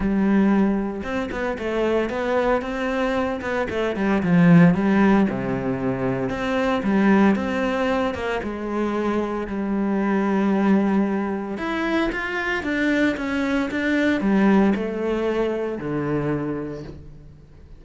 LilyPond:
\new Staff \with { instrumentName = "cello" } { \time 4/4 \tempo 4 = 114 g2 c'8 b8 a4 | b4 c'4. b8 a8 g8 | f4 g4 c2 | c'4 g4 c'4. ais8 |
gis2 g2~ | g2 e'4 f'4 | d'4 cis'4 d'4 g4 | a2 d2 | }